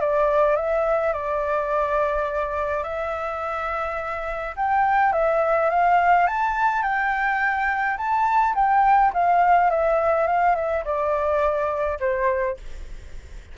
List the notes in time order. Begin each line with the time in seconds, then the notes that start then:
0.00 D5
0.56 E5
1.13 D5
2.83 E5
4.56 G5
5.12 E5
5.70 F5
6.26 A5
6.82 G5
7.97 A5
8.55 G5
9.13 F5
9.70 E5
10.26 F5
10.55 E5
10.84 D5
11.99 C5